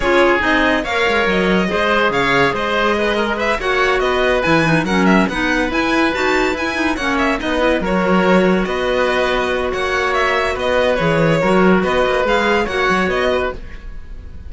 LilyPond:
<<
  \new Staff \with { instrumentName = "violin" } { \time 4/4 \tempo 4 = 142 cis''4 dis''4 f''4 dis''4~ | dis''4 f''4 dis''2 | e''8 fis''4 dis''4 gis''4 fis''8 | e''8 fis''4 gis''4 a''4 gis''8~ |
gis''8 fis''8 e''8 dis''4 cis''4.~ | cis''8 dis''2~ dis''8 fis''4 | e''4 dis''4 cis''2 | dis''4 f''4 fis''4 dis''4 | }
  \new Staff \with { instrumentName = "oboe" } { \time 4/4 gis'2 cis''2 | c''4 cis''4 c''4 b'8 ais'8 | b'8 cis''4 b'2 ais'8~ | ais'8 b'2.~ b'8~ |
b'8 cis''4 b'4 ais'4.~ | ais'8 b'2~ b'8 cis''4~ | cis''4 b'2 ais'4 | b'2 cis''4. b'8 | }
  \new Staff \with { instrumentName = "clarinet" } { \time 4/4 f'4 dis'4 ais'2 | gis'1~ | gis'8 fis'2 e'8 dis'8 cis'8~ | cis'8 dis'4 e'4 fis'4 e'8 |
dis'8 cis'4 dis'8 e'8 fis'4.~ | fis'1~ | fis'2 gis'4 fis'4~ | fis'4 gis'4 fis'2 | }
  \new Staff \with { instrumentName = "cello" } { \time 4/4 cis'4 c'4 ais8 gis8 fis4 | gis4 cis4 gis2~ | gis8 ais4 b4 e4 fis8~ | fis8 b4 e'4 dis'4 e'8~ |
e'8 ais4 b4 fis4.~ | fis8 b2~ b8 ais4~ | ais4 b4 e4 fis4 | b8 ais8 gis4 ais8 fis8 b4 | }
>>